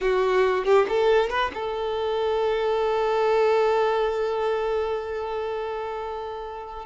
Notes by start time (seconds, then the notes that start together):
0.01 F#4
0.64 G4
0.88 A4
1.29 B4
1.53 A4